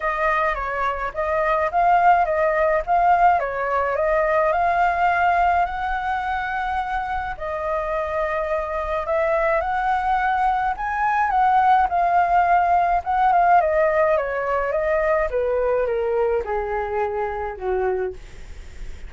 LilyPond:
\new Staff \with { instrumentName = "flute" } { \time 4/4 \tempo 4 = 106 dis''4 cis''4 dis''4 f''4 | dis''4 f''4 cis''4 dis''4 | f''2 fis''2~ | fis''4 dis''2. |
e''4 fis''2 gis''4 | fis''4 f''2 fis''8 f''8 | dis''4 cis''4 dis''4 b'4 | ais'4 gis'2 fis'4 | }